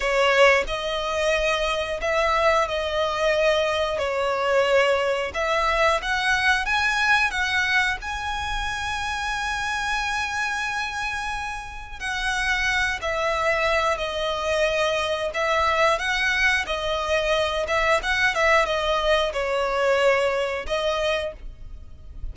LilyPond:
\new Staff \with { instrumentName = "violin" } { \time 4/4 \tempo 4 = 90 cis''4 dis''2 e''4 | dis''2 cis''2 | e''4 fis''4 gis''4 fis''4 | gis''1~ |
gis''2 fis''4. e''8~ | e''4 dis''2 e''4 | fis''4 dis''4. e''8 fis''8 e''8 | dis''4 cis''2 dis''4 | }